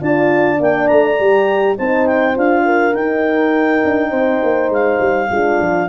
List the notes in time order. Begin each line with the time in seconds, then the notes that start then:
0.00 D4 F4 D5 A5
0.56 A#3 D4 G5
0.87 A3 A#5
1.19 G3 G4
1.77 C4 D#4 C5 A5
2.06 G5
2.34 D4 F4 F5
2.64 A#4
2.94 D#4 G5
3.84 D4
4.09 C4 C5
4.43 A#3
4.69 G#3 F5
4.99 G3
5.30 G#3 D4 F4
5.60 F3